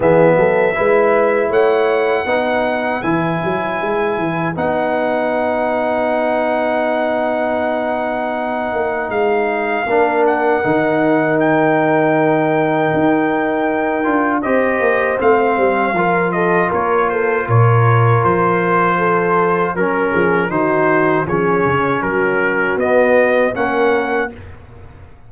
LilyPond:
<<
  \new Staff \with { instrumentName = "trumpet" } { \time 4/4 \tempo 4 = 79 e''2 fis''2 | gis''2 fis''2~ | fis''1 | f''4. fis''4. g''4~ |
g''2. dis''4 | f''4. dis''8 cis''8 c''8 cis''4 | c''2 ais'4 c''4 | cis''4 ais'4 dis''4 fis''4 | }
  \new Staff \with { instrumentName = "horn" } { \time 4/4 gis'8 a'8 b'4 cis''4 b'4~ | b'1~ | b'1~ | b'4 ais'2.~ |
ais'2. c''4~ | c''4 ais'8 a'8 ais'8 a'8 ais'4~ | ais'4 a'4 ais'8 gis'8 fis'4 | gis'4 fis'2 ais'4 | }
  \new Staff \with { instrumentName = "trombone" } { \time 4/4 b4 e'2 dis'4 | e'2 dis'2~ | dis'1~ | dis'4 d'4 dis'2~ |
dis'2~ dis'8 f'8 g'4 | c'4 f'2.~ | f'2 cis'4 dis'4 | cis'2 b4 cis'4 | }
  \new Staff \with { instrumentName = "tuba" } { \time 4/4 e8 fis8 gis4 a4 b4 | e8 fis8 gis8 e8 b2~ | b2.~ b8 ais8 | gis4 ais4 dis2~ |
dis4 dis'4. d'8 c'8 ais8 | a8 g8 f4 ais4 ais,4 | f2 fis8 f8 dis4 | f8 cis8 fis4 b4 ais4 | }
>>